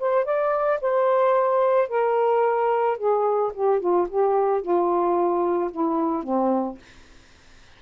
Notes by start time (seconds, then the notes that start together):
0.00 C5
0.26 D5
0.82 C5
1.89 A#4
2.98 G#4
3.54 G4
3.80 F4
4.09 G4
4.62 F4
5.72 E4
6.24 C4